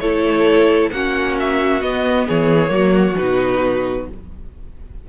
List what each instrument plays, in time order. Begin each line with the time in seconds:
0.00 cello A3, viola E4, violin A4 C#5
0.91 cello A#3, viola C#4, violin F#4 F#5
1.40 violin E5
1.81 viola B3, cello B3, violin D#5
2.27 cello E3, violin G#4 C#5
2.67 cello F#3, viola A#3, violin F#4
3.17 cello B2, viola D#4, violin B4